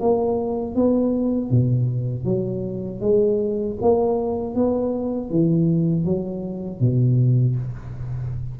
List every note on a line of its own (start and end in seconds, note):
0.00 0.75 A#3
0.75 1.50 B3
1.50 2.25 B2
2.25 3.00 F#3
3.00 3.76 G#3
3.81 4.55 A#3
4.55 5.30 B3
5.30 6.05 E3
6.05 6.80 F#3
6.80 7.56 B2